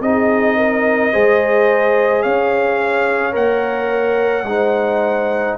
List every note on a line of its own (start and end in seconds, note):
0.00 1.11 C4
0.00 1.12 D#4
0.00 0.56 G#4
0.00 2.22 D#5
0.56 1.12 A#4
1.12 2.25 G#3
1.12 3.32 G#4
1.12 2.23 C5
2.22 3.35 C#4
2.22 4.45 C#5
2.22 3.33 F5
3.32 4.43 A#3
3.32 4.43 A#4
3.32 5.57 F#5
4.43 5.54 G#3
4.43 5.57 D#4
4.43 5.57 C5